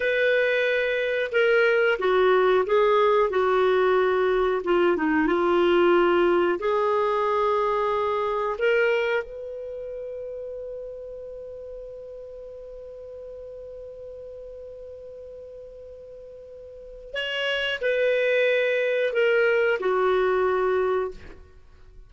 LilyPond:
\new Staff \with { instrumentName = "clarinet" } { \time 4/4 \tempo 4 = 91 b'2 ais'4 fis'4 | gis'4 fis'2 f'8 dis'8 | f'2 gis'2~ | gis'4 ais'4 b'2~ |
b'1~ | b'1~ | b'2 cis''4 b'4~ | b'4 ais'4 fis'2 | }